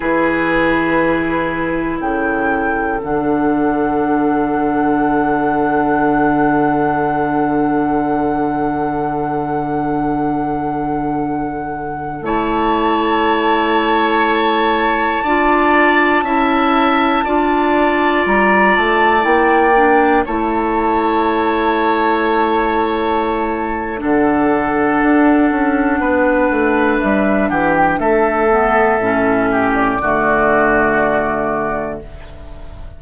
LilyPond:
<<
  \new Staff \with { instrumentName = "flute" } { \time 4/4 \tempo 4 = 60 b'2 g''4 fis''4~ | fis''1~ | fis''1~ | fis''16 a''2.~ a''8.~ |
a''2~ a''16 ais''8 a''8 g''8.~ | g''16 a''2.~ a''8. | fis''2. e''8 fis''16 g''16 | e''4.~ e''16 d''2~ d''16 | }
  \new Staff \with { instrumentName = "oboe" } { \time 4/4 gis'2 a'2~ | a'1~ | a'1~ | a'16 cis''2. d''8.~ |
d''16 e''4 d''2~ d''8.~ | d''16 cis''2.~ cis''8. | a'2 b'4. g'8 | a'4. g'8 fis'2 | }
  \new Staff \with { instrumentName = "clarinet" } { \time 4/4 e'2. d'4~ | d'1~ | d'1~ | d'16 e'2. f'8.~ |
f'16 e'4 f'2 e'8 d'16~ | d'16 e'2.~ e'8. | d'1~ | d'8 b8 cis'4 a2 | }
  \new Staff \with { instrumentName = "bassoon" } { \time 4/4 e2 cis4 d4~ | d1~ | d1~ | d16 a2. d'8.~ |
d'16 cis'4 d'4 g8 a8 ais8.~ | ais16 a2.~ a8. | d4 d'8 cis'8 b8 a8 g8 e8 | a4 a,4 d2 | }
>>